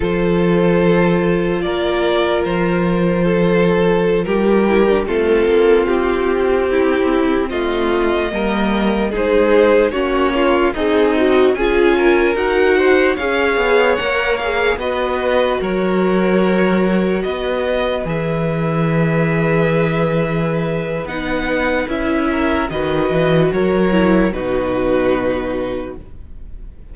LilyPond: <<
  \new Staff \with { instrumentName = "violin" } { \time 4/4 \tempo 4 = 74 c''2 d''4 c''4~ | c''4~ c''16 ais'4 a'4 g'8.~ | g'4~ g'16 dis''2 c''8.~ | c''16 cis''4 dis''4 gis''4 fis''8.~ |
fis''16 f''4 fis''8 f''8 dis''4 cis''8.~ | cis''4~ cis''16 dis''4 e''4.~ e''16~ | e''2 fis''4 e''4 | dis''4 cis''4 b'2 | }
  \new Staff \with { instrumentName = "violin" } { \time 4/4 a'2 ais'2 | a'4~ a'16 g'4 f'4.~ f'16~ | f'16 e'4 f'4 ais'4 gis'8.~ | gis'16 fis'8 f'8 dis'4 gis'8 ais'4 c''16~ |
c''16 cis''2 b'4 ais'8.~ | ais'4~ ais'16 b'2~ b'8.~ | b'2.~ b'8 ais'8 | b'4 ais'4 fis'2 | }
  \new Staff \with { instrumentName = "viola" } { \time 4/4 f'1~ | f'4.~ f'16 e'16 d'16 c'4.~ c'16~ | c'2~ c'16 ais4 dis'8.~ | dis'16 cis'4 gis'8 fis'8 f'4 fis'8.~ |
fis'16 gis'4 ais'8 gis'8 fis'4.~ fis'16~ | fis'2~ fis'16 gis'4.~ gis'16~ | gis'2 dis'4 e'4 | fis'4. e'8 dis'2 | }
  \new Staff \with { instrumentName = "cello" } { \time 4/4 f2 ais4 f4~ | f4~ f16 g4 a8 ais8 c'8.~ | c'4~ c'16 a4 g4 gis8.~ | gis16 ais4 c'4 cis'4 dis'8.~ |
dis'16 cis'8 b8 ais4 b4 fis8.~ | fis4~ fis16 b4 e4.~ e16~ | e2 b4 cis'4 | dis8 e8 fis4 b,2 | }
>>